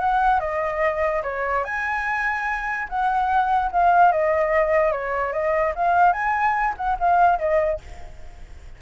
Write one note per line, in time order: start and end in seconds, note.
0.00 0.40 F#5
0.40 1.22 D#5
1.23 1.64 C#5
1.65 2.88 G#5
2.89 3.71 F#5
3.72 4.12 F5
4.12 4.92 D#5
4.92 5.33 C#5
5.33 5.74 D#5
5.76 6.13 F5
6.13 6.75 G#5
6.77 6.98 F#5
7.00 7.39 F5
7.39 7.80 D#5